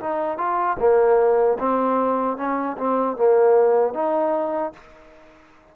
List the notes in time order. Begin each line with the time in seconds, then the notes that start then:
0.00 D#4
0.38 F4
0.79 A#3
1.59 C4
2.37 C#4
2.77 C4
3.17 A#3
3.94 D#4